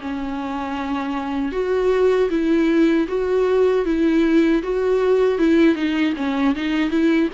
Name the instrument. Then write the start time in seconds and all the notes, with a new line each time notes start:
viola
0.00 C#4
1.52 F#4
2.30 E4
3.08 F#4
3.85 E4
4.63 F#4
5.38 E4
5.75 D#4
6.16 C#4
6.55 D#4
6.90 E4